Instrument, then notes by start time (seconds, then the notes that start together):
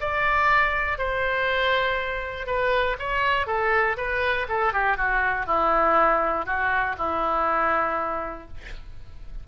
oboe
0.00 D5
0.98 C5
2.46 B4
2.99 C#5
3.46 A4
3.97 B4
4.48 A4
4.72 G4
4.97 F#4
5.46 E4
6.45 F#4
6.97 E4